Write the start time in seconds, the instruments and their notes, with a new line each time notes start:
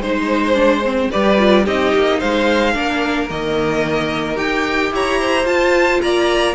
0.00 cello G#3, viola D#4, violin C5
0.54 viola D4
0.85 viola C4
1.11 cello G3, viola G4, violin B4 D5
1.38 viola F4
1.65 cello C4, viola D#4, violin G4 D#5
1.95 cello A#3
2.19 cello G#3, violin C5 F5
2.74 cello A#3, viola D4, violin A#4
3.30 cello D#3, viola A#3, violin D#5
4.36 cello D#4, viola G4, violin G5
4.92 cello E4, violin C#5 A#5
5.20 violin C5
5.45 cello F4, viola F4, violin A5
6.01 cello A#3, violin D5 A#5